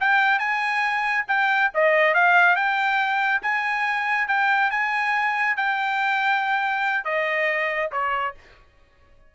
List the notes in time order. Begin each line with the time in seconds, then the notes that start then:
0.00 G5
0.39 G#5
1.28 G5
1.74 D#5
2.14 F5
2.56 G5
3.42 G#5
4.28 G5
4.71 G#5
5.56 G5
7.05 D#5
7.92 C#5